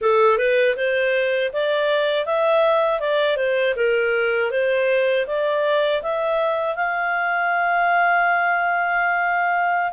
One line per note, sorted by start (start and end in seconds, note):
0.01 0.38 A4
0.38 0.75 B4
0.76 1.51 C5
1.52 2.25 D5
2.25 3.00 E5
3.00 3.36 D5
3.36 3.74 C5
3.76 4.50 A#4
4.50 5.25 C5
5.26 6.01 D5
6.02 6.75 E5
6.75 9.92 F5